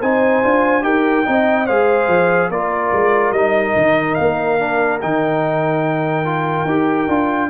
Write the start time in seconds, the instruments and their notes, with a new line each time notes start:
0.00 tuba C4, trombone D#4, horn C5, trumpet G#5
0.44 tuba D4, trombone F4
0.82 tuba D#4, trombone G4, horn A#4, trumpet G5
1.26 tuba C4, trombone D#4, horn D#5
1.67 tuba G#3, trombone G#4, horn C5, trumpet F5
2.08 tuba F3
2.50 tuba A#3, trombone F4, horn A#4, trumpet D5
2.93 tuba G#3
3.32 tuba G3, trombone D#4, trumpet D#5
3.76 tuba D#3
4.15 tuba A#3, trumpet F5
4.59 trombone D4
5.02 tuba D#3, trombone D#4, trumpet G5
6.25 trombone F4
6.65 tuba D#4, trombone G4
7.08 tuba D4, trombone F4